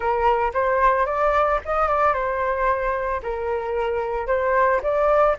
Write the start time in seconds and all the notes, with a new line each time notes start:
0.00 A#4
0.53 C5
1.06 D5
1.65 D#5
1.87 D5
2.13 C5
3.22 A#4
4.27 C5
4.82 D5